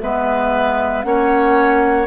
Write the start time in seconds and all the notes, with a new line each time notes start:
0.00 G#3 B3 B4 E5
1.02 A#3 C#4 C#5 F#5